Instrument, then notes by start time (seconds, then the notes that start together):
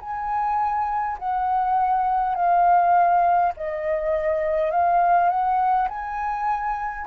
flute
0.00 G#5
1.19 F#5
2.35 F5
3.57 D#5
4.71 F5
5.29 F#5
5.89 G#5